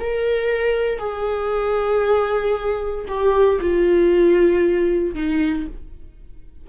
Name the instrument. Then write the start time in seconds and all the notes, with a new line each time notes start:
viola
0.00 A#4
0.99 G#4
3.08 G4
3.61 F4
5.15 D#4